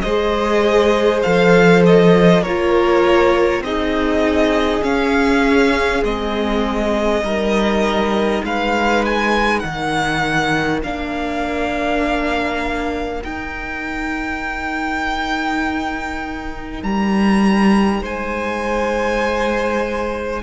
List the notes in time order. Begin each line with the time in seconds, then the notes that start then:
0.00 G#3 G#4 C5 D#5
1.22 F3 A4 F5
1.85 D#5
2.41 A#3 F4 A#4 C#5
3.60 C4 D#4 G#4 D#5
4.82 C#4 F5
6.03 G#3 C4 D#5
7.21 G3 D#4 A#4
8.43 G#3 B4 F5
9.05 G#5
9.59 D#3 A#4 F#5
10.82 A#3 D4 F5
13.21 D#4 G5
16.82 G3 A#5
18.02 G#3 C5 G#5